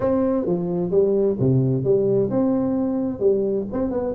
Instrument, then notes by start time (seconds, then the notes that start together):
tuba
0.00 C4
0.46 F3
0.90 G3
1.39 C3
1.84 G3
2.30 C4
3.19 G3
3.72 C4
3.91 B3